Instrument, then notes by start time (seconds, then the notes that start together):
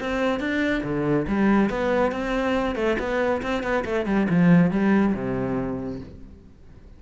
cello
0.00 C4
0.39 D4
0.83 D3
1.27 G3
1.69 B3
2.12 C4
2.75 A3
2.99 B3
3.42 C4
3.63 B3
3.85 A3
4.06 G3
4.29 F3
4.71 G3
5.14 C3